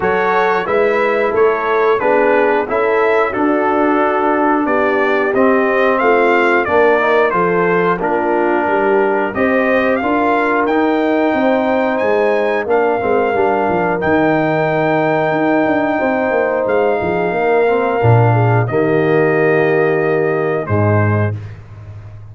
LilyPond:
<<
  \new Staff \with { instrumentName = "trumpet" } { \time 4/4 \tempo 4 = 90 cis''4 e''4 cis''4 b'4 | e''4 a'2 d''4 | dis''4 f''4 d''4 c''4 | ais'2 dis''4 f''4 |
g''2 gis''4 f''4~ | f''4 g''2.~ | g''4 f''2. | dis''2. c''4 | }
  \new Staff \with { instrumentName = "horn" } { \time 4/4 a'4 b'4 a'4 gis'4 | a'4 fis'2 g'4~ | g'4 f'4 ais'4 a'4 | f'4 g'4 c''4 ais'4~ |
ais'4 c''2 ais'4~ | ais'1 | c''4. gis'8 ais'4. gis'8 | g'2. dis'4 | }
  \new Staff \with { instrumentName = "trombone" } { \time 4/4 fis'4 e'2 d'4 | e'4 d'2. | c'2 d'8 dis'8 f'4 | d'2 g'4 f'4 |
dis'2. d'8 c'8 | d'4 dis'2.~ | dis'2~ dis'8 c'8 d'4 | ais2. gis4 | }
  \new Staff \with { instrumentName = "tuba" } { \time 4/4 fis4 gis4 a4 b4 | cis'4 d'2 b4 | c'4 a4 ais4 f4 | ais4 g4 c'4 d'4 |
dis'4 c'4 gis4 ais8 gis8 | g8 f8 dis2 dis'8 d'8 | c'8 ais8 gis8 f8 ais4 ais,4 | dis2. gis,4 | }
>>